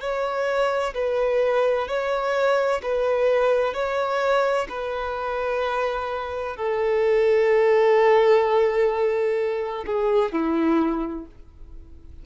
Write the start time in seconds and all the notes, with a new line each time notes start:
0.00 C#5
0.94 B4
1.87 C#5
2.82 B4
3.73 C#5
4.69 B4
6.56 A4
9.86 G#4
10.32 E4